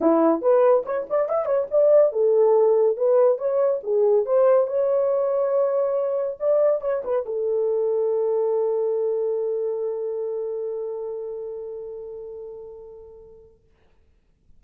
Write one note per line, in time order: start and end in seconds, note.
0.00 0.41 E4
0.41 0.84 B4
0.85 1.06 C#5
1.09 1.29 D5
1.29 1.45 E5
1.45 1.67 C#5
1.70 2.12 D5
2.12 2.97 A4
2.97 3.38 B4
3.38 3.80 C#5
3.83 4.25 G#4
4.25 4.67 C5
4.67 6.37 C#5
6.39 6.81 D5
6.81 7.02 C#5
7.04 7.25 B4
7.25 13.63 A4